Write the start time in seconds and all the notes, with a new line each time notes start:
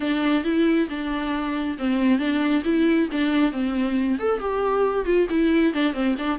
0.00 D4
0.44 E4
0.89 D4
1.78 C4
2.18 D4
2.64 E4
3.12 D4
3.52 C4
4.18 A4
4.39 G4
5.05 F4
5.29 E4
5.73 D4
5.93 C4
6.17 D4